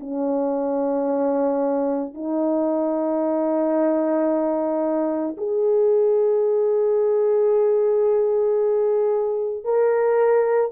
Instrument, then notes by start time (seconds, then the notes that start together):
horn
0.00 C#4
2.14 D#4
5.37 G#4
9.64 A#4